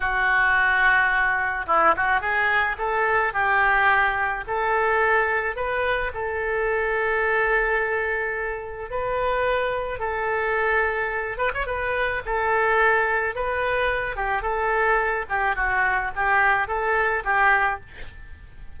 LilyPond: \new Staff \with { instrumentName = "oboe" } { \time 4/4 \tempo 4 = 108 fis'2. e'8 fis'8 | gis'4 a'4 g'2 | a'2 b'4 a'4~ | a'1 |
b'2 a'2~ | a'8 b'16 cis''16 b'4 a'2 | b'4. g'8 a'4. g'8 | fis'4 g'4 a'4 g'4 | }